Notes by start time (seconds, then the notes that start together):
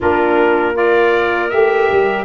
0.00 A#3 D4 F4 A#4
0.73 F4 A#4 D5
1.50 A3 G4 E5
1.91 G3